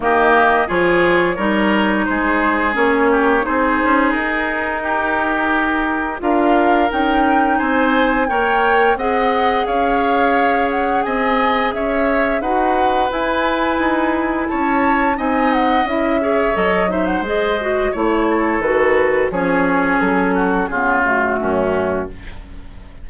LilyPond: <<
  \new Staff \with { instrumentName = "flute" } { \time 4/4 \tempo 4 = 87 dis''4 cis''2 c''4 | cis''4 c''4 ais'2~ | ais'4 f''4 g''4 gis''4 | g''4 fis''4 f''4. fis''8 |
gis''4 e''4 fis''4 gis''4~ | gis''4 a''4 gis''8 fis''8 e''4 | dis''8 e''16 fis''16 dis''4 cis''4 b'4 | cis''4 a'4 gis'8 fis'4. | }
  \new Staff \with { instrumentName = "oboe" } { \time 4/4 g'4 gis'4 ais'4 gis'4~ | gis'8 g'8 gis'2 g'4~ | g'4 ais'2 c''4 | cis''4 dis''4 cis''2 |
dis''4 cis''4 b'2~ | b'4 cis''4 dis''4. cis''8~ | cis''8 c''4. cis''8 a'4. | gis'4. fis'8 f'4 cis'4 | }
  \new Staff \with { instrumentName = "clarinet" } { \time 4/4 ais4 f'4 dis'2 | cis'4 dis'2.~ | dis'4 f'4 dis'2 | ais'4 gis'2.~ |
gis'2 fis'4 e'4~ | e'2 dis'4 e'8 gis'8 | a'8 dis'8 gis'8 fis'8 e'4 fis'4 | cis'2 b8 a4. | }
  \new Staff \with { instrumentName = "bassoon" } { \time 4/4 dis4 f4 g4 gis4 | ais4 c'8 cis'8 dis'2~ | dis'4 d'4 cis'4 c'4 | ais4 c'4 cis'2 |
c'4 cis'4 dis'4 e'4 | dis'4 cis'4 c'4 cis'4 | fis4 gis4 a4 dis4 | f4 fis4 cis4 fis,4 | }
>>